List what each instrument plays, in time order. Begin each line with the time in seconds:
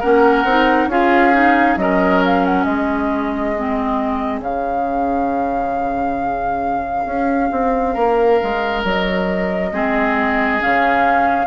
0.00 bassoon A#3, clarinet C#4, oboe A#4, flute F#5
0.45 bassoon C4, clarinet D#4
0.87 bassoon C#4, clarinet F4, oboe G#4, flute F5
1.33 clarinet D#4
1.77 bassoon F#3, clarinet C#4, oboe A#4, flute D#5
2.26 flute F5
2.46 flute F#5
2.64 bassoon G#3, oboe G#4, flute D#5
3.58 clarinet C4
4.40 bassoon C#3, clarinet C#4, flute F5
7.06 bassoon C#4
7.52 bassoon C4
7.94 bassoon A#3, oboe A#4
8.44 bassoon G#3
8.84 bassoon F#3, flute D#5
9.72 bassoon G#3, clarinet C4, oboe G#4
10.61 bassoon C#3, clarinet C#4, flute F5